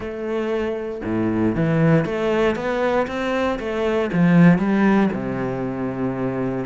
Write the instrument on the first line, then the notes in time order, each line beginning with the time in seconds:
cello
0.00 A3
1.04 A2
1.55 E3
2.05 A3
2.55 B3
3.07 C4
3.59 A3
4.12 F3
4.58 G3
5.13 C3